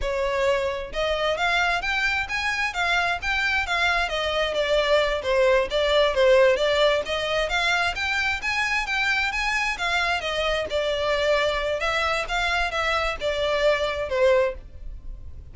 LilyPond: \new Staff \with { instrumentName = "violin" } { \time 4/4 \tempo 4 = 132 cis''2 dis''4 f''4 | g''4 gis''4 f''4 g''4 | f''4 dis''4 d''4. c''8~ | c''8 d''4 c''4 d''4 dis''8~ |
dis''8 f''4 g''4 gis''4 g''8~ | g''8 gis''4 f''4 dis''4 d''8~ | d''2 e''4 f''4 | e''4 d''2 c''4 | }